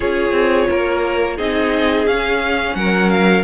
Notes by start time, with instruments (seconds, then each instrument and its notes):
0.00 cello C#4, viola F4, violin G#4 C#5
0.31 cello C4
0.70 cello A#3, violin A#4
1.36 cello C4, viola D#4, violin G#4 D#5
2.06 cello C#4, viola C#4, violin F5
2.75 cello F#3, violin A#4 F#5
3.09 violin F5